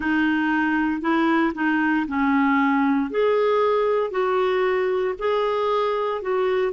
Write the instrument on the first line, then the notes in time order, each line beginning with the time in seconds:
clarinet
0.00 D#4
1.01 E4
1.54 D#4
2.07 C#4
3.10 G#4
4.11 F#4
5.19 G#4
6.21 F#4